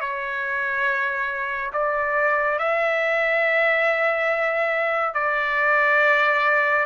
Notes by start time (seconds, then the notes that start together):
0.00 C#5
1.73 D5
2.58 E5
5.14 D5